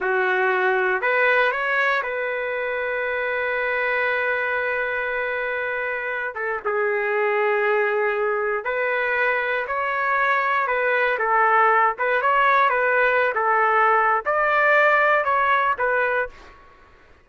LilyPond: \new Staff \with { instrumentName = "trumpet" } { \time 4/4 \tempo 4 = 118 fis'2 b'4 cis''4 | b'1~ | b'1~ | b'8 a'8 gis'2.~ |
gis'4 b'2 cis''4~ | cis''4 b'4 a'4. b'8 | cis''4 b'4~ b'16 a'4.~ a'16 | d''2 cis''4 b'4 | }